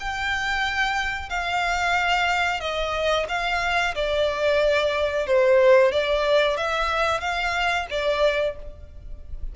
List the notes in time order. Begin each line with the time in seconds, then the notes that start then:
0.00 G5
1.29 F5
2.60 D#5
3.29 F5
3.95 D5
5.27 C5
5.92 D5
6.57 E5
7.21 F5
7.90 D5